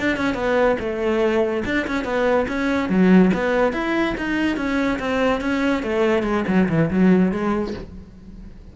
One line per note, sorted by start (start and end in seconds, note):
0.00 0.17 D4
0.17 0.35 C#4
0.35 0.77 B3
0.80 1.64 A3
1.66 1.87 D4
1.88 2.05 C#4
2.05 2.47 B3
2.49 2.90 C#4
2.90 3.32 F#3
3.35 3.73 B3
3.73 4.15 E4
4.18 4.57 D#4
4.57 4.99 C#4
5.00 5.41 C4
5.41 5.83 C#4
5.83 6.23 A3
6.23 6.44 G#3
6.48 6.69 F#3
6.69 6.90 E3
6.91 7.32 F#3
7.32 7.74 G#3